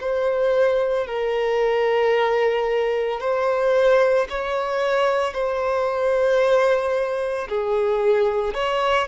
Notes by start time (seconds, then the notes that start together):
0.00 C5
1.07 A#4
3.20 C5
4.30 C#5
5.34 C5
7.49 G#4
8.54 C#5